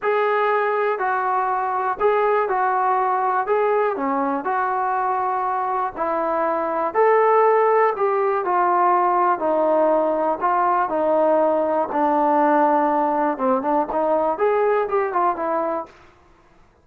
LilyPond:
\new Staff \with { instrumentName = "trombone" } { \time 4/4 \tempo 4 = 121 gis'2 fis'2 | gis'4 fis'2 gis'4 | cis'4 fis'2. | e'2 a'2 |
g'4 f'2 dis'4~ | dis'4 f'4 dis'2 | d'2. c'8 d'8 | dis'4 gis'4 g'8 f'8 e'4 | }